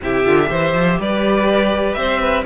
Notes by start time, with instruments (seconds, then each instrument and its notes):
0.01 cello C3, viola E4, violin G4 E5
0.24 cello D3, viola F4
0.45 cello E3, viola G4, violin C5
0.73 cello F3
0.99 cello G3, violin B4 D5
1.94 cello C4, violin C5 E5
2.20 violin B4